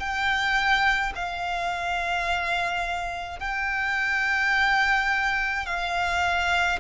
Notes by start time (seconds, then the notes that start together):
0.00 G5
1.15 F5
3.40 G5
5.66 F5